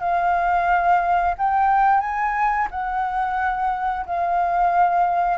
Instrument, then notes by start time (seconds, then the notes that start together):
flute
0.00 F5
1.38 G5
2.00 G#5
2.71 F#5
4.06 F5